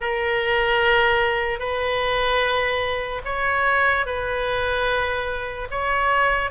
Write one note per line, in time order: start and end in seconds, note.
0.00 1.59 A#4
1.59 3.21 B4
3.24 4.05 C#5
4.05 5.68 B4
5.70 6.50 C#5